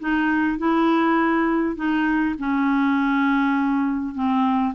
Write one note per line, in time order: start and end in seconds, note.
0.00 0.58 D#4
0.58 1.76 E4
1.76 2.35 D#4
2.38 4.14 C#4
4.14 4.74 C4